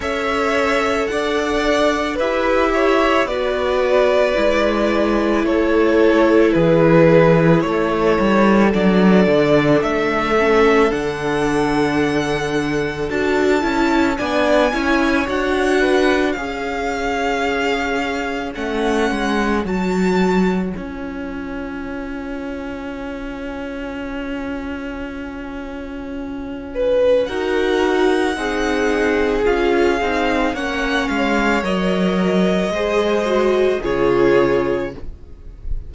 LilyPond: <<
  \new Staff \with { instrumentName = "violin" } { \time 4/4 \tempo 4 = 55 e''4 fis''4 e''4 d''4~ | d''4 cis''4 b'4 cis''4 | d''4 e''4 fis''2 | a''4 gis''4 fis''4 f''4~ |
f''4 fis''4 a''4 gis''4~ | gis''1~ | gis''4 fis''2 f''4 | fis''8 f''8 dis''2 cis''4 | }
  \new Staff \with { instrumentName = "violin" } { \time 4/4 cis''4 d''4 b'8 cis''8 b'4~ | b'4 a'4 gis'4 a'4~ | a'1~ | a'4 d''8 cis''4 b'8 cis''4~ |
cis''1~ | cis''1~ | cis''8 b'8 ais'4 gis'2 | cis''2 c''4 gis'4 | }
  \new Staff \with { instrumentName = "viola" } { \time 4/4 a'2 g'4 fis'4 | e'1 | d'4. cis'8 d'2 | fis'8 e'8 d'8 e'8 fis'4 gis'4~ |
gis'4 cis'4 fis'4 f'4~ | f'1~ | f'4 fis'4 dis'4 f'8 dis'8 | cis'4 ais'4 gis'8 fis'8 f'4 | }
  \new Staff \with { instrumentName = "cello" } { \time 4/4 cis'4 d'4 e'4 b4 | gis4 a4 e4 a8 g8 | fis8 d8 a4 d2 | d'8 cis'8 b8 cis'8 d'4 cis'4~ |
cis'4 a8 gis8 fis4 cis'4~ | cis'1~ | cis'4 dis'4 c'4 cis'8 c'8 | ais8 gis8 fis4 gis4 cis4 | }
>>